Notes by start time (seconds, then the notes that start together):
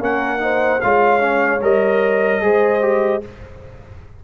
0.00 A#3 C#4 A#4 F#5
0.39 D#4 C5
0.81 G#3 F4 C#5 F5
1.20 C#4
1.61 G3 A#4 D#5
2.41 G#3 G#4 C5
2.82 G4